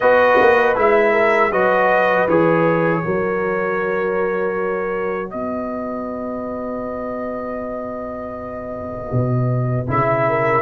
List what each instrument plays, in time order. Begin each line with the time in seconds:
0.00 tuba B3, trombone F#4, horn B4, trumpet D#5
0.40 tuba A#3
0.75 tuba G#3, trombone E4, trumpet E5
1.12 horn A#4
1.51 tuba F#3, trombone F#4, horn B4, trumpet D#5
2.28 tuba E3, trombone G#4, trumpet C#5
3.02 tuba F#3, trombone F#4, horn A#4
5.30 tuba B3, horn B4, trumpet D#5
9.12 tuba B2
9.87 tuba C#3, trombone E4, trumpet E5
10.28 horn A#4